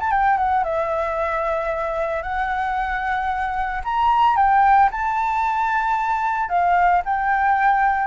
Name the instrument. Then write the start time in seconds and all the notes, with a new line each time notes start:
flute
0.00 A5
0.11 G5
0.38 F#5
0.64 E5
2.23 F#5
3.84 A#5
4.37 G5
4.92 A5
6.49 F5
7.05 G5